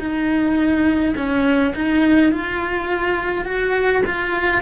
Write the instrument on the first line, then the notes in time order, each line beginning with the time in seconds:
cello
0.00 D#4
1.16 C#4
1.76 D#4
2.32 F4
3.45 F#4
4.06 F4